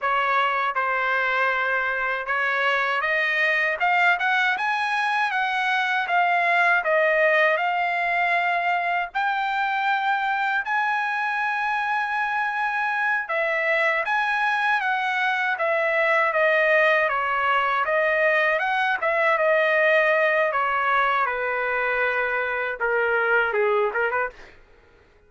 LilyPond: \new Staff \with { instrumentName = "trumpet" } { \time 4/4 \tempo 4 = 79 cis''4 c''2 cis''4 | dis''4 f''8 fis''8 gis''4 fis''4 | f''4 dis''4 f''2 | g''2 gis''2~ |
gis''4. e''4 gis''4 fis''8~ | fis''8 e''4 dis''4 cis''4 dis''8~ | dis''8 fis''8 e''8 dis''4. cis''4 | b'2 ais'4 gis'8 ais'16 b'16 | }